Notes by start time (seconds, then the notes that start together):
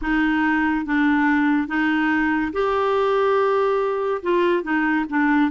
0.01 D#4
0.85 D4
1.67 D#4
2.52 G4
4.22 F4
4.62 D#4
5.09 D4